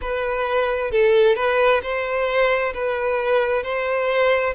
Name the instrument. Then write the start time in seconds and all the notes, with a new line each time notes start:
violin
0.01 B4
0.91 A4
1.35 B4
1.82 C5
2.73 B4
3.63 C5